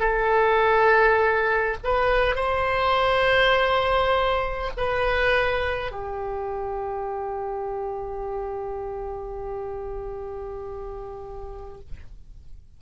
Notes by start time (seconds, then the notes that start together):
0.00 A4
1.84 B4
2.36 C5
4.78 B4
5.91 G4